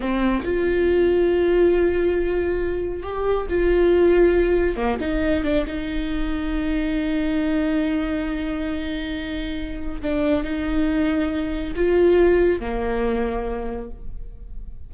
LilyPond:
\new Staff \with { instrumentName = "viola" } { \time 4/4 \tempo 4 = 138 c'4 f'2.~ | f'2. g'4 | f'2. ais8 dis'8~ | dis'8 d'8 dis'2.~ |
dis'1~ | dis'2. d'4 | dis'2. f'4~ | f'4 ais2. | }